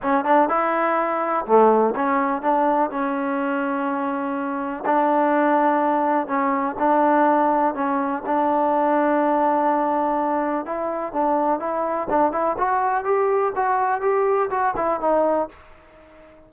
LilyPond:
\new Staff \with { instrumentName = "trombone" } { \time 4/4 \tempo 4 = 124 cis'8 d'8 e'2 a4 | cis'4 d'4 cis'2~ | cis'2 d'2~ | d'4 cis'4 d'2 |
cis'4 d'2.~ | d'2 e'4 d'4 | e'4 d'8 e'8 fis'4 g'4 | fis'4 g'4 fis'8 e'8 dis'4 | }